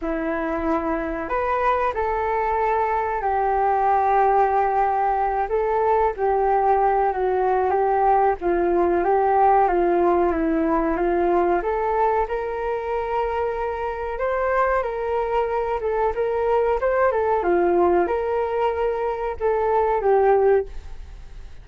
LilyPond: \new Staff \with { instrumentName = "flute" } { \time 4/4 \tempo 4 = 93 e'2 b'4 a'4~ | a'4 g'2.~ | g'8 a'4 g'4. fis'4 | g'4 f'4 g'4 f'4 |
e'4 f'4 a'4 ais'4~ | ais'2 c''4 ais'4~ | ais'8 a'8 ais'4 c''8 a'8 f'4 | ais'2 a'4 g'4 | }